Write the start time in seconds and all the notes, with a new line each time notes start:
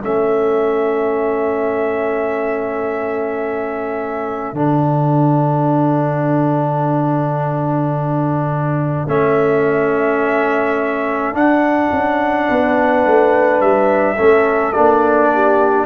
0.00 A3 C#4 A4 E5
4.53 D3 D4 F#5
9.07 A3 C#4 E5
11.33 D4 F#5
11.92 C#4
12.48 B3 B4
13.05 A3
13.60 G3 E5
14.16 A3 C#4 A4
14.72 A#3 D4 D5
15.33 G4